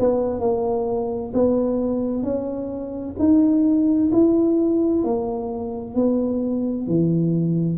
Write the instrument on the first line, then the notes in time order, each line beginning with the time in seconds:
tuba
0.00 B3
0.40 A#3
1.34 B3
2.24 C#4
3.19 D#4
4.12 E4
5.04 A#3
5.95 B3
6.88 E3